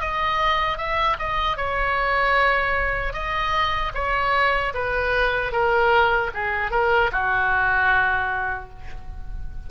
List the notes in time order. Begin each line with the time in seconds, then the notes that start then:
0.00 D#5
0.77 E5
1.18 D#5
1.56 C#5
3.13 D#5
3.94 C#5
4.74 B4
5.52 A#4
6.34 G#4
6.71 A#4
7.12 F#4